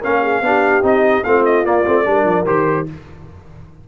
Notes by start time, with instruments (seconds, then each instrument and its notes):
0.00 tuba A#3, trombone C#4, horn A#4, trumpet F5
0.22 horn G#4
0.41 tuba B3, trombone D4, horn G4
0.82 tuba C4, trombone D#4, trumpet D#5
1.24 tuba A3, trombone C4, horn F4, trumpet F5
1.45 trumpet D#5
1.65 trombone A#3, tuba A#3, trumpet D5
1.86 tuba A3, trombone C4
2.05 tuba G3, trombone D4, horn A#4
2.24 tuba F3
2.46 tuba D#3, trombone G4, trumpet C5